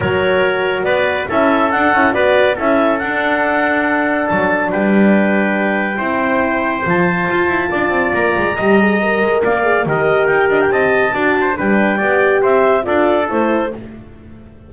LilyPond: <<
  \new Staff \with { instrumentName = "clarinet" } { \time 4/4 \tempo 4 = 140 cis''2 d''4 e''4 | fis''4 d''4 e''4 fis''4~ | fis''2 a''4 g''4~ | g''1 |
a''2. ais''4~ | ais''2 f''4 dis''4 | g''8 dis''16 g''16 a''2 g''4~ | g''4 e''4 d''4 c''4 | }
  \new Staff \with { instrumentName = "trumpet" } { \time 4/4 ais'2 b'4 a'4~ | a'4 b'4 a'2~ | a'2. b'4~ | b'2 c''2~ |
c''2 d''2 | dis''2 d''4 ais'4~ | ais'4 dis''4 d''8 c''8 b'4 | d''4 c''4 a'2 | }
  \new Staff \with { instrumentName = "horn" } { \time 4/4 fis'2. e'4 | d'8 e'8 fis'4 e'4 d'4~ | d'1~ | d'2 e'2 |
f'1 | g'8 gis'8 ais'4. gis'8 g'4~ | g'2 fis'4 d'4 | g'2 f'4 e'4 | }
  \new Staff \with { instrumentName = "double bass" } { \time 4/4 fis2 b4 cis'4 | d'8 cis'8 b4 cis'4 d'4~ | d'2 fis4 g4~ | g2 c'2 |
f4 f'8 e'8 d'8 c'8 ais8 gis8 | g4. gis8 ais4 dis4 | dis'8 d'8 c'4 d'4 g4 | b4 c'4 d'4 a4 | }
>>